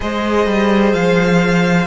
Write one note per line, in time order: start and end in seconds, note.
0.00 0.46 G#3
0.00 1.86 G#4
0.00 1.86 C5
0.00 0.93 D#5
0.46 0.93 G3
0.93 1.86 F3
0.93 1.86 F5